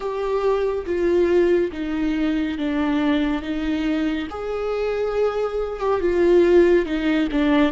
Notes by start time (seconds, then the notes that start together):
0.00 G4
0.85 F4
1.72 D#4
2.58 D4
3.42 D#4
4.30 G#4
5.79 G4
6.00 F4
6.85 D#4
7.31 D4